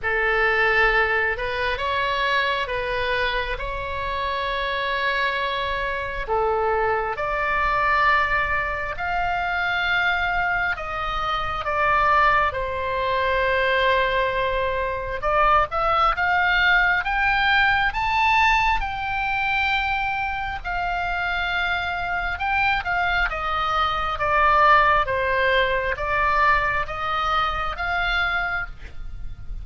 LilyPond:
\new Staff \with { instrumentName = "oboe" } { \time 4/4 \tempo 4 = 67 a'4. b'8 cis''4 b'4 | cis''2. a'4 | d''2 f''2 | dis''4 d''4 c''2~ |
c''4 d''8 e''8 f''4 g''4 | a''4 g''2 f''4~ | f''4 g''8 f''8 dis''4 d''4 | c''4 d''4 dis''4 f''4 | }